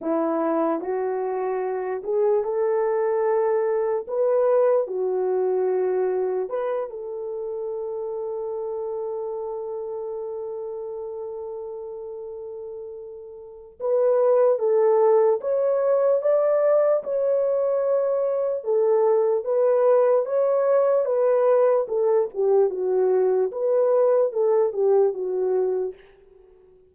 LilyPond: \new Staff \with { instrumentName = "horn" } { \time 4/4 \tempo 4 = 74 e'4 fis'4. gis'8 a'4~ | a'4 b'4 fis'2 | b'8 a'2.~ a'8~ | a'1~ |
a'4 b'4 a'4 cis''4 | d''4 cis''2 a'4 | b'4 cis''4 b'4 a'8 g'8 | fis'4 b'4 a'8 g'8 fis'4 | }